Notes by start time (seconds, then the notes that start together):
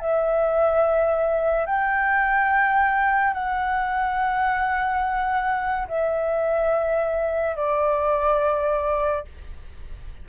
0.00 E5
1.66 G5
3.34 F#5
5.88 E5
7.56 D5